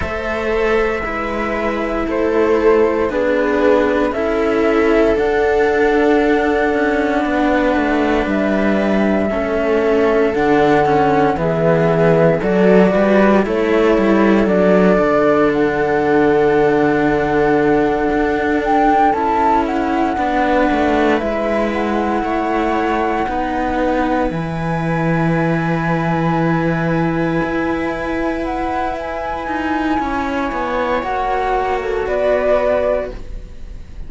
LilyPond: <<
  \new Staff \with { instrumentName = "flute" } { \time 4/4 \tempo 4 = 58 e''2 c''4 b'4 | e''4 fis''2. | e''2 fis''4 e''4 | d''4 cis''4 d''4 fis''4~ |
fis''2 g''8 a''8 fis''4~ | fis''8 e''8 fis''2~ fis''8 gis''8~ | gis''2.~ gis''8 fis''8 | gis''2 fis''8. a'16 d''4 | }
  \new Staff \with { instrumentName = "viola" } { \time 4/4 c''4 b'4 a'4 gis'4 | a'2. b'4~ | b'4 a'2 gis'4 | a'8 b'8 a'2.~ |
a'2.~ a'8 b'8~ | b'4. cis''4 b'4.~ | b'1~ | b'4 cis''2 b'4 | }
  \new Staff \with { instrumentName = "cello" } { \time 4/4 a'4 e'2 d'4 | e'4 d'2.~ | d'4 cis'4 d'8 cis'8 b4 | fis'4 e'4 d'2~ |
d'2~ d'8 e'4 d'8~ | d'8 e'2 dis'4 e'8~ | e'1~ | e'2 fis'2 | }
  \new Staff \with { instrumentName = "cello" } { \time 4/4 a4 gis4 a4 b4 | cis'4 d'4. cis'8 b8 a8 | g4 a4 d4 e4 | fis8 g8 a8 g8 fis8 d4.~ |
d4. d'4 cis'4 b8 | a8 gis4 a4 b4 e8~ | e2~ e8 e'4.~ | e'8 dis'8 cis'8 b8 ais4 b4 | }
>>